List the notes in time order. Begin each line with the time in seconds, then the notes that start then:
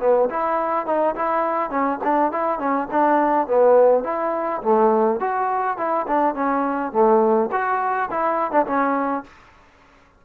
0.00 B3
0.30 E4
0.86 D#4
1.16 E4
1.70 C#4
2.04 D4
2.32 E4
2.59 C#4
2.91 D4
3.48 B3
4.04 E4
4.62 A3
5.20 F#4
5.77 E4
6.07 D4
6.35 C#4
6.92 A3
7.52 F#4
8.11 E4
8.51 D4
8.66 C#4